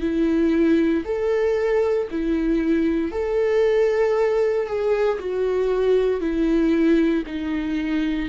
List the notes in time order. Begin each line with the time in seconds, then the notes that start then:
0.00 E4
1.04 A4
2.11 E4
3.11 A4
4.66 G#4
5.19 F#4
6.20 E4
7.26 D#4